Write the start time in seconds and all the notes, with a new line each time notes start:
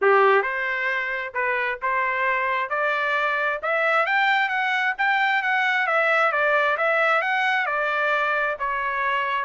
0.01 G4
0.42 C5
1.33 B4
1.82 C5
2.69 D5
3.62 E5
4.06 G5
4.49 F#5
4.97 G5
5.42 F#5
5.86 E5
6.32 D5
6.77 E5
7.21 F#5
7.66 D5
8.59 C#5